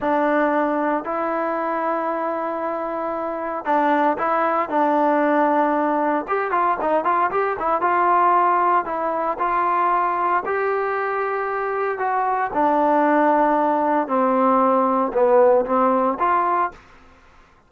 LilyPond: \new Staff \with { instrumentName = "trombone" } { \time 4/4 \tempo 4 = 115 d'2 e'2~ | e'2. d'4 | e'4 d'2. | g'8 f'8 dis'8 f'8 g'8 e'8 f'4~ |
f'4 e'4 f'2 | g'2. fis'4 | d'2. c'4~ | c'4 b4 c'4 f'4 | }